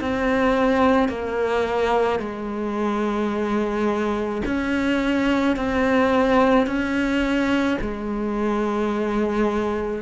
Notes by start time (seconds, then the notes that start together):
0.00 C4
1.09 A#3
2.19 G#3
4.45 C#4
5.56 C4
6.67 C#4
7.81 G#3